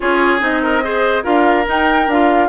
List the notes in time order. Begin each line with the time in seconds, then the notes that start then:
0.00 C#4 F4 G#4 C#5
0.40 C4 D#4 D#5
0.62 A#4
0.83 G#4 C5
1.23 D4 F4 A#4 F5
1.66 D#4 G5
2.07 D4 F4 F5